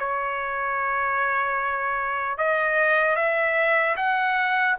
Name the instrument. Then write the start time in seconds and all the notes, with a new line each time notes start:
trumpet
0.00 C#5
2.38 D#5
3.16 E5
3.97 F#5